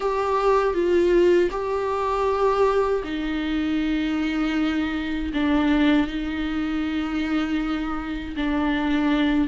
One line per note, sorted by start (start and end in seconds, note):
0.00 0.74 G4
0.74 1.49 F4
1.50 3.02 G4
3.04 5.32 D#4
5.33 6.07 D4
6.07 8.35 D#4
8.36 9.48 D4